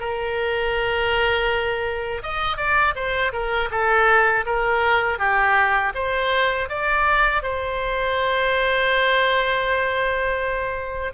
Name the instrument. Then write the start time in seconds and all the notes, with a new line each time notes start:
oboe
0.00 A#4
2.23 D#5
2.57 D5
2.95 C5
3.33 A#4
3.71 A4
4.46 A#4
5.19 G4
5.95 C5
6.69 D5
7.43 C5